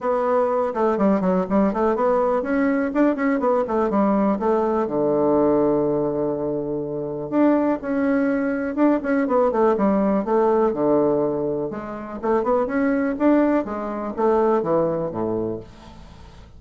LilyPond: \new Staff \with { instrumentName = "bassoon" } { \time 4/4 \tempo 4 = 123 b4. a8 g8 fis8 g8 a8 | b4 cis'4 d'8 cis'8 b8 a8 | g4 a4 d2~ | d2. d'4 |
cis'2 d'8 cis'8 b8 a8 | g4 a4 d2 | gis4 a8 b8 cis'4 d'4 | gis4 a4 e4 a,4 | }